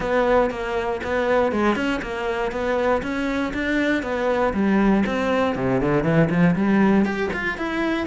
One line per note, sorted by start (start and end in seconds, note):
0.00 0.50 B3
0.50 1.00 A#3
1.03 1.52 B3
1.52 1.75 G#3
1.75 2.00 C#4
2.02 2.51 A#3
2.51 3.02 B3
3.02 3.52 C#4
3.53 4.02 D4
4.02 4.53 B3
4.53 5.04 G3
5.06 5.55 C4
5.55 5.80 C3
5.80 6.03 D3
6.03 6.28 E3
6.30 6.55 F3
6.55 7.05 G3
7.05 7.30 G4
7.33 7.57 F4
7.57 8.06 E4